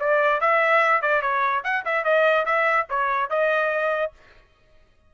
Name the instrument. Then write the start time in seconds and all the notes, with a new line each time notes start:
trumpet
0.00 D5
0.41 E5
1.02 D5
1.22 C#5
1.64 F#5
1.85 E5
2.05 D#5
2.45 E5
2.89 C#5
3.30 D#5